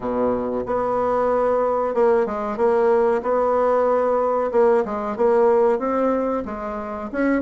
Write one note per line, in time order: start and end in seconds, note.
0.00 0.64 B2
0.66 1.94 B3
1.94 2.26 A#3
2.26 2.57 G#3
2.57 3.21 A#3
3.22 4.51 B3
4.51 4.84 A#3
4.85 5.16 G#3
5.16 5.79 A#3
5.79 6.43 C4
6.45 7.09 G#3
7.11 7.42 C#4